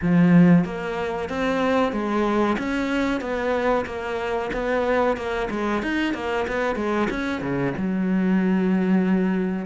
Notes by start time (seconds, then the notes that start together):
0.02 F3
0.65 A#3
1.29 C4
1.92 G#3
2.58 C#4
3.21 B3
3.85 A#3
4.53 B3
5.16 A#3
5.50 G#3
5.82 D#4
6.13 A#3
6.47 B3
6.75 G#3
7.10 C#4
7.41 C#3
7.77 F#3